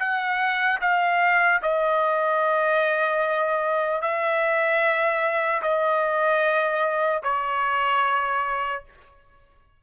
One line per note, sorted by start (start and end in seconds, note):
0.00 0.80 F#5
0.81 1.61 F5
1.63 4.02 D#5
4.02 5.62 E5
5.63 7.23 D#5
7.23 8.83 C#5